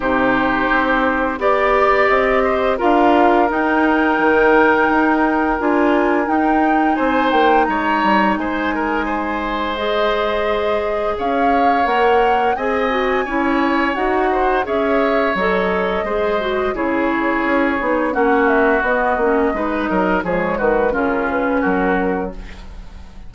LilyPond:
<<
  \new Staff \with { instrumentName = "flute" } { \time 4/4 \tempo 4 = 86 c''2 d''4 dis''4 | f''4 g''2. | gis''4 g''4 gis''8 g''8 ais''4 | gis''2 dis''2 |
f''4 fis''4 gis''2 | fis''4 e''4 dis''2 | cis''2 fis''8 e''8 dis''4~ | dis''4 cis''8 b'8 ais'8 b'8 ais'4 | }
  \new Staff \with { instrumentName = "oboe" } { \time 4/4 g'2 d''4. c''8 | ais'1~ | ais'2 c''4 cis''4 | c''8 ais'8 c''2. |
cis''2 dis''4 cis''4~ | cis''8 c''8 cis''2 c''4 | gis'2 fis'2 | b'8 ais'8 gis'8 fis'8 f'4 fis'4 | }
  \new Staff \with { instrumentName = "clarinet" } { \time 4/4 dis'2 g'2 | f'4 dis'2. | f'4 dis'2.~ | dis'2 gis'2~ |
gis'4 ais'4 gis'8 fis'8 e'4 | fis'4 gis'4 a'4 gis'8 fis'8 | e'4. dis'8 cis'4 b8 cis'8 | dis'4 gis4 cis'2 | }
  \new Staff \with { instrumentName = "bassoon" } { \time 4/4 c4 c'4 b4 c'4 | d'4 dis'4 dis4 dis'4 | d'4 dis'4 c'8 ais8 gis8 g8 | gis1 |
cis'4 ais4 c'4 cis'4 | dis'4 cis'4 fis4 gis4 | cis4 cis'8 b8 ais4 b8 ais8 | gis8 fis8 f8 dis8 cis4 fis4 | }
>>